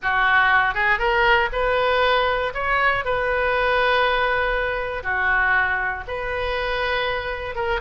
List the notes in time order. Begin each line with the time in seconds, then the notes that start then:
0.02 F#4
0.74 G#4
0.98 A#4
1.52 B4
2.54 C#5
3.04 B4
5.03 F#4
6.07 B4
7.55 A#4